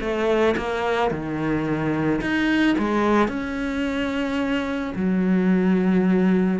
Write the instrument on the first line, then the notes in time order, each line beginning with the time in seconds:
cello
0.00 A3
0.56 A#3
1.10 D#3
2.21 D#4
2.78 G#3
3.28 C#4
4.95 F#3